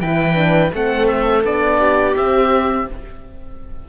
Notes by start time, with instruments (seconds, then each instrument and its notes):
0.00 cello E3, horn E4, viola B4, oboe G5
0.35 horn D4
0.74 cello A3, horn C4, viola A4, oboe F#5
1.07 oboe E5
1.43 cello B3, horn D4, oboe D5
1.79 viola G4
2.15 horn C4, cello C4, oboe E5